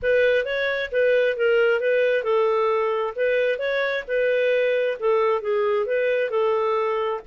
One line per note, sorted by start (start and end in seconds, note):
0.02 0.45 B4
0.45 0.90 C#5
0.91 1.36 B4
1.36 1.80 A#4
1.80 2.23 B4
2.23 3.14 A4
3.15 3.59 B4
3.59 4.04 C#5
4.07 4.97 B4
4.99 5.41 A4
5.41 5.85 G#4
5.85 6.30 B4
6.30 7.20 A4